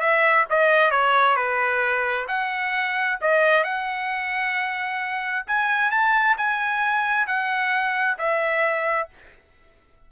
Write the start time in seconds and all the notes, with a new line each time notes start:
0.00 E5
0.50 D#5
0.91 C#5
1.36 B4
2.28 F#5
3.21 D#5
3.64 F#5
5.47 G#5
5.91 A5
6.38 G#5
7.27 F#5
8.18 E5